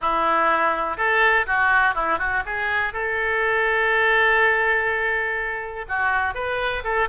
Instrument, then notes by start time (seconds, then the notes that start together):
oboe
0.01 E4
0.97 A4
1.46 F#4
1.94 E4
2.18 F#4
2.45 G#4
2.93 A4
5.88 F#4
6.34 B4
6.84 A4